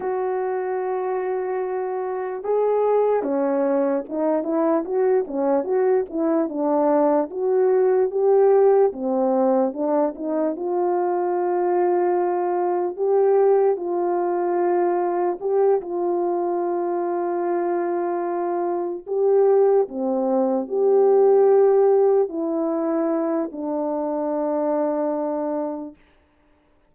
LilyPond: \new Staff \with { instrumentName = "horn" } { \time 4/4 \tempo 4 = 74 fis'2. gis'4 | cis'4 dis'8 e'8 fis'8 cis'8 fis'8 e'8 | d'4 fis'4 g'4 c'4 | d'8 dis'8 f'2. |
g'4 f'2 g'8 f'8~ | f'2.~ f'8 g'8~ | g'8 c'4 g'2 e'8~ | e'4 d'2. | }